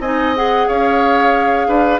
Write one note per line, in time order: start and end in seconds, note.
0.00 0.67 C4
0.00 0.36 D#4
0.00 0.68 D#5
0.00 0.35 G#5
0.36 2.00 G#4
0.36 0.69 F#5
0.68 1.68 C#4
0.68 1.68 C#5
0.68 2.00 F5
1.68 2.00 D4
1.68 2.00 B4